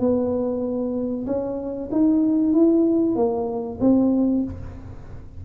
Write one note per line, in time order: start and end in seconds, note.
0.00 1.26 B3
1.27 1.90 C#4
1.92 2.54 D#4
2.54 3.16 E4
3.16 3.79 A#3
3.81 4.44 C4